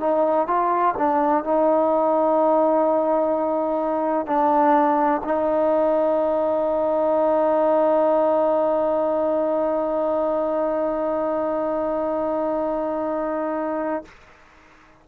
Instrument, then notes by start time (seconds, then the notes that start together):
trombone
0.00 D#4
0.48 F4
0.98 D4
1.45 D#4
4.27 D4
5.24 D#4